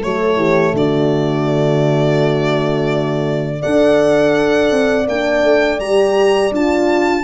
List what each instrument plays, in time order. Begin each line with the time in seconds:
0.00 tuba F#3, horn A3 A4, violin C#5
0.36 tuba E3, horn G4
0.73 tuba D3, horn F#4, violin D5
3.59 horn A4 D5, violin F#5
3.65 tuba D4
4.71 tuba C4
5.07 tuba A#3, horn D4, violin G5
5.43 tuba A3
5.79 tuba G3, horn G4, violin A#5
6.51 tuba D4, horn F4, violin A5